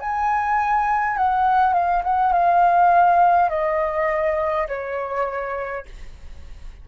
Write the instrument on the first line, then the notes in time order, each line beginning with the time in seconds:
flute
0.00 G#5
1.17 F#5
1.73 F5
2.04 F#5
2.33 F5
3.50 D#5
4.68 C#5